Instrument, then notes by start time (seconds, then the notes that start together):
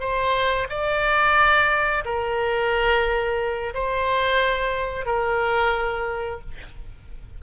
oboe
0.00 C5
0.69 D5
2.05 A#4
3.74 C5
5.05 A#4